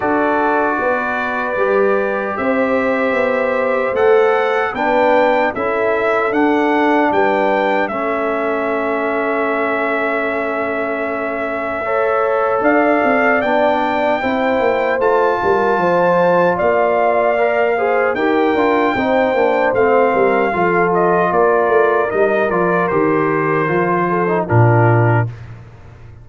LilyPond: <<
  \new Staff \with { instrumentName = "trumpet" } { \time 4/4 \tempo 4 = 76 d''2. e''4~ | e''4 fis''4 g''4 e''4 | fis''4 g''4 e''2~ | e''1 |
f''4 g''2 a''4~ | a''4 f''2 g''4~ | g''4 f''4. dis''8 d''4 | dis''8 d''8 c''2 ais'4 | }
  \new Staff \with { instrumentName = "horn" } { \time 4/4 a'4 b'2 c''4~ | c''2 b'4 a'4~ | a'4 b'4 a'2~ | a'2. cis''4 |
d''2 c''4. ais'8 | c''4 d''4. c''8 ais'4 | c''4. ais'8 a'4 ais'4~ | ais'2~ ais'8 a'8 f'4 | }
  \new Staff \with { instrumentName = "trombone" } { \time 4/4 fis'2 g'2~ | g'4 a'4 d'4 e'4 | d'2 cis'2~ | cis'2. a'4~ |
a'4 d'4 e'4 f'4~ | f'2 ais'8 gis'8 g'8 f'8 | dis'8 d'8 c'4 f'2 | dis'8 f'8 g'4 f'8. dis'16 d'4 | }
  \new Staff \with { instrumentName = "tuba" } { \time 4/4 d'4 b4 g4 c'4 | b4 a4 b4 cis'4 | d'4 g4 a2~ | a1 |
d'8 c'8 b4 c'8 ais8 a8 g8 | f4 ais2 dis'8 d'8 | c'8 ais8 a8 g8 f4 ais8 a8 | g8 f8 dis4 f4 ais,4 | }
>>